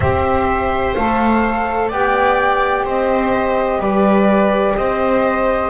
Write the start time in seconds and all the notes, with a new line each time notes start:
0.00 C4 G4 C5 E5
0.94 A3 A4 F5
1.88 B3 G4 D5 G5
2.85 C4 C5 D#5
3.79 G3 B4 D5
4.76 C4 C5 D#5